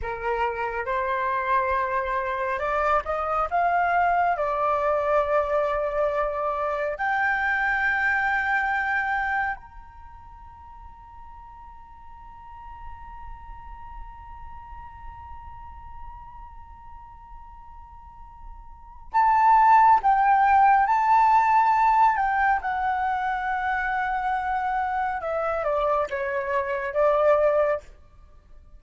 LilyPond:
\new Staff \with { instrumentName = "flute" } { \time 4/4 \tempo 4 = 69 ais'4 c''2 d''8 dis''8 | f''4 d''2. | g''2. ais''4~ | ais''1~ |
ais''1~ | ais''2 a''4 g''4 | a''4. g''8 fis''2~ | fis''4 e''8 d''8 cis''4 d''4 | }